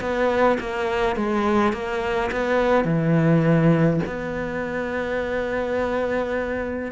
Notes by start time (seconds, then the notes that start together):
0.00 B3
0.60 A#3
1.16 G#3
1.73 A#3
2.32 B3
2.84 E3
4.06 B3